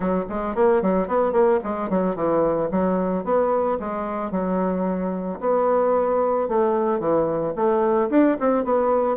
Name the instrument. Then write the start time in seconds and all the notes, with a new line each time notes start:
bassoon
0.00 F#3
0.29 G#3
0.55 A#3
0.82 F#3
1.07 B3
1.32 A#3
1.63 G#3
1.89 F#3
2.15 E3
2.71 F#3
3.24 B3
3.79 G#3
4.31 F#3
5.40 B3
6.48 A3
6.99 E3
7.55 A3
8.10 D4
8.40 C4
8.64 B3